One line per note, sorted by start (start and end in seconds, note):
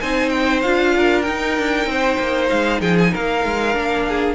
0.00 0.65 C4
0.00 0.64 D#4
0.00 0.95 C5
0.00 0.29 G#5
0.29 0.61 G5
0.62 1.28 D4
0.62 1.24 F4
0.62 1.22 F5
0.97 1.90 A#4
1.22 3.74 D#4
1.22 2.47 G5
1.28 1.59 D#4
1.59 1.86 D4
1.86 2.18 C4
1.86 2.80 C5
2.19 2.50 A#3
2.50 2.82 G#3
2.50 2.81 F5
2.80 3.13 F3
2.80 3.12 G#4
2.80 2.97 G5
2.99 3.14 G#5
3.12 3.45 A#3
3.12 4.06 A#4
3.12 4.36 F5
3.45 3.76 G#3
3.74 4.36 A#3
3.74 4.36 D4
4.09 4.36 G#4